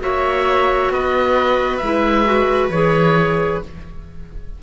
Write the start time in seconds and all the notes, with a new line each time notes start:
0.00 A#3 F#4 C#5 E5
0.90 B3 B4 D#5
1.76 G#3 E5
1.83 E4
2.25 F#4
2.69 E3 G#4 C#5